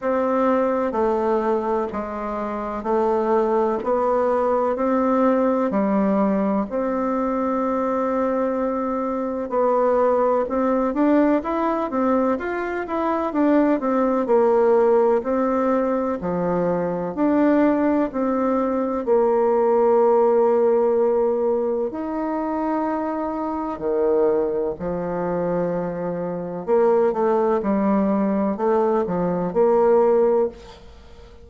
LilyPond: \new Staff \with { instrumentName = "bassoon" } { \time 4/4 \tempo 4 = 63 c'4 a4 gis4 a4 | b4 c'4 g4 c'4~ | c'2 b4 c'8 d'8 | e'8 c'8 f'8 e'8 d'8 c'8 ais4 |
c'4 f4 d'4 c'4 | ais2. dis'4~ | dis'4 dis4 f2 | ais8 a8 g4 a8 f8 ais4 | }